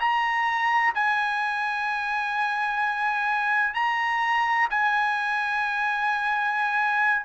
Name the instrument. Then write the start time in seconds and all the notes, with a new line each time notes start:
trumpet
0.00 A#5
0.95 G#5
3.75 A#5
4.70 G#5